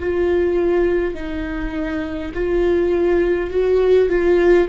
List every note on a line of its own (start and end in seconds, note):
0.00 1.15 F4
1.15 2.33 D#4
2.34 3.51 F4
3.51 4.09 F#4
4.09 4.68 F4